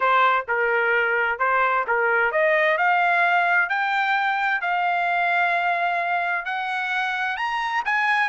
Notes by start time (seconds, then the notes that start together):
0.00 C5
0.47 A#4
1.38 C5
1.87 A#4
2.31 D#5
2.77 F5
3.69 G5
4.61 F5
6.45 F#5
7.36 A#5
7.85 G#5